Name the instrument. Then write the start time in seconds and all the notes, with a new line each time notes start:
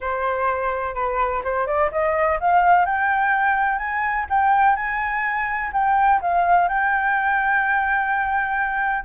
flute
0.00 C5
0.94 B4
1.44 C5
1.66 D5
1.91 D#5
2.40 F5
2.85 G5
3.78 G#5
4.29 G5
4.76 G#5
5.73 G5
6.21 F5
6.68 G5